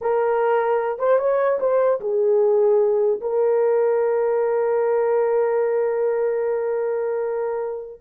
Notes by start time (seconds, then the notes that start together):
0.01 A#4
0.98 C5
1.18 C#5
1.59 C5
2.00 G#4
3.20 A#4